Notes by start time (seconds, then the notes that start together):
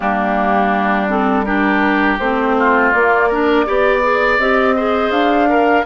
0.00 G3 A#3 D4 G4
1.08 C4 A4
1.44 D4 G4 A#4
2.18 A3 C4 C5
2.58 F4
2.91 A#3 D5
3.28 D4 A#4
3.66 B3 G4 D5
4.02 G#4
4.38 C4 G4 D#5
4.75 G#4 C5
5.10 D4 F5
5.48 A#4